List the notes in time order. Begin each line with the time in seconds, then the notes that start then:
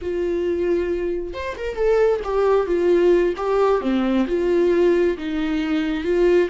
0.01 F4
1.33 C5
1.57 A#4
1.75 A4
2.24 G4
2.66 F4
3.36 G4
3.81 C4
4.27 F4
5.17 D#4
6.03 F4